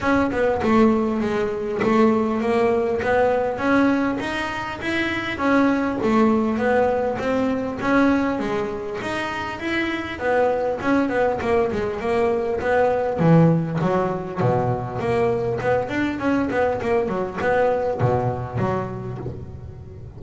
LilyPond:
\new Staff \with { instrumentName = "double bass" } { \time 4/4 \tempo 4 = 100 cis'8 b8 a4 gis4 a4 | ais4 b4 cis'4 dis'4 | e'4 cis'4 a4 b4 | c'4 cis'4 gis4 dis'4 |
e'4 b4 cis'8 b8 ais8 gis8 | ais4 b4 e4 fis4 | b,4 ais4 b8 d'8 cis'8 b8 | ais8 fis8 b4 b,4 fis4 | }